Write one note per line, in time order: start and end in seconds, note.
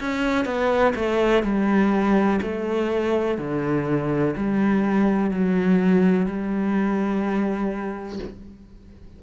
0.00 0.45 C#4
0.45 0.94 B3
0.95 1.43 A3
1.43 2.40 G3
2.42 3.38 A3
3.38 4.35 D3
4.36 5.31 G3
5.31 6.26 F#3
6.26 8.20 G3